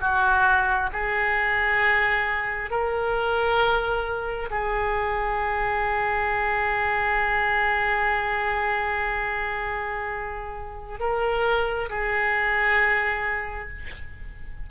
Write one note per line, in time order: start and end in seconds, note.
0.00 0.90 F#4
0.92 2.70 G#4
2.70 4.49 A#4
4.50 10.99 G#4
10.99 11.89 A#4
11.89 13.69 G#4